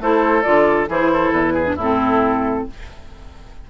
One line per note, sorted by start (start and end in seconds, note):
0.00 0.44 A3
0.00 0.43 E4
0.00 0.89 A4
0.00 0.42 C5
0.42 0.89 D3
0.42 0.88 F4
0.42 0.86 D5
0.89 1.32 E3
0.89 1.65 E4
0.89 1.11 G#4
0.89 1.32 C5
1.13 1.53 A4
1.32 1.76 E2
1.32 1.76 B4
1.53 1.76 G#4
1.65 1.76 D4
1.76 2.65 A2
1.76 2.64 E4
1.76 2.69 A4
1.82 2.70 C4